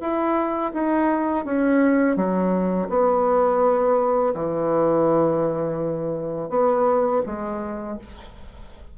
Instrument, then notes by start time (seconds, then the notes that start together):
bassoon
0.00 E4
0.73 D#4
1.45 C#4
2.16 F#3
2.89 B3
4.34 E3
6.49 B3
7.26 G#3